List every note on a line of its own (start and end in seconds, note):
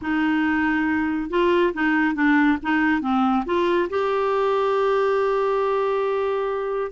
0.01 1.30 D#4
1.30 1.73 F4
1.73 2.14 D#4
2.14 2.57 D4
2.62 3.01 D#4
3.01 3.44 C4
3.45 3.88 F4
3.89 6.91 G4